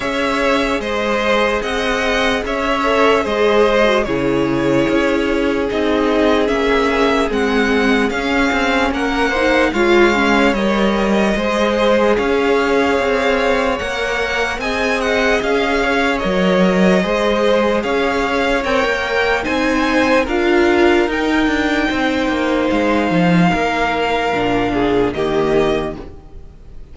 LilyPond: <<
  \new Staff \with { instrumentName = "violin" } { \time 4/4 \tempo 4 = 74 e''4 dis''4 fis''4 e''4 | dis''4 cis''2 dis''4 | e''4 fis''4 f''4 fis''4 | f''4 dis''2 f''4~ |
f''4 fis''4 gis''8 fis''8 f''4 | dis''2 f''4 g''4 | gis''4 f''4 g''2 | f''2. dis''4 | }
  \new Staff \with { instrumentName = "violin" } { \time 4/4 cis''4 c''4 dis''4 cis''4 | c''4 gis'2.~ | gis'2. ais'8 c''8 | cis''2 c''4 cis''4~ |
cis''2 dis''4. cis''8~ | cis''4 c''4 cis''2 | c''4 ais'2 c''4~ | c''4 ais'4. gis'8 g'4 | }
  \new Staff \with { instrumentName = "viola" } { \time 4/4 gis'2.~ gis'8 a'8 | gis'8. fis'16 e'2 dis'4 | cis'4 c'4 cis'4. dis'8 | f'8 cis'8 ais'4 gis'2~ |
gis'4 ais'4 gis'2 | ais'4 gis'2 ais'4 | dis'4 f'4 dis'2~ | dis'2 d'4 ais4 | }
  \new Staff \with { instrumentName = "cello" } { \time 4/4 cis'4 gis4 c'4 cis'4 | gis4 cis4 cis'4 c'4 | ais4 gis4 cis'8 c'8 ais4 | gis4 g4 gis4 cis'4 |
c'4 ais4 c'4 cis'4 | fis4 gis4 cis'4 c'16 ais8. | c'4 d'4 dis'8 d'8 c'8 ais8 | gis8 f8 ais4 ais,4 dis4 | }
>>